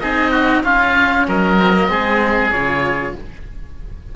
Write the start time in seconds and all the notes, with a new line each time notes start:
0.00 C4 D#4 G#4 D#5
0.32 F#4
0.64 C#4 F4 F5
1.28 F#3 A#4 D#5
1.59 C4
1.74 A#3
1.88 G#3 C4 G#4
2.51 C#3 F4 C#5